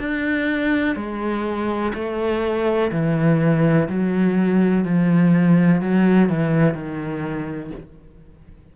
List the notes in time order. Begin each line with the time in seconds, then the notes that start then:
0.00 D4
0.96 G#3
1.94 A3
2.92 E3
3.89 F#3
4.85 F3
5.82 F#3
6.29 E3
6.75 D#3